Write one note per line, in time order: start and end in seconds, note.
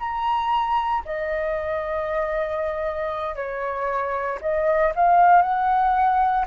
0.00 1.03 A#5
1.05 3.36 D#5
3.36 4.39 C#5
4.42 4.93 D#5
4.95 5.42 F5
5.42 6.46 F#5